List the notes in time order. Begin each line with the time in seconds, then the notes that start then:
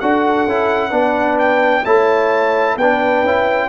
0.00 D4 F#4 A4 F#5
0.47 C#4 E4
0.90 B3 D4 B4
1.39 G5
1.84 A3 E4 C#5 A5
2.75 B3 B4 G5
2.82 D4
3.23 C#4 E4